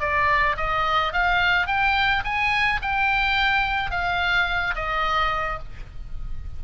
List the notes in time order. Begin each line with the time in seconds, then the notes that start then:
0.00 D5
0.57 D#5
1.13 F5
1.67 G5
2.24 G#5
2.82 G5
3.91 F5
4.75 D#5